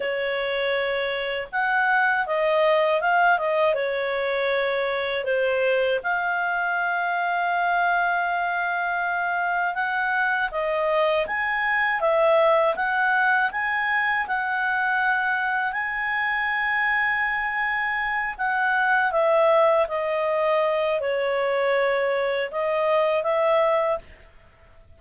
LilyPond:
\new Staff \with { instrumentName = "clarinet" } { \time 4/4 \tempo 4 = 80 cis''2 fis''4 dis''4 | f''8 dis''8 cis''2 c''4 | f''1~ | f''4 fis''4 dis''4 gis''4 |
e''4 fis''4 gis''4 fis''4~ | fis''4 gis''2.~ | gis''8 fis''4 e''4 dis''4. | cis''2 dis''4 e''4 | }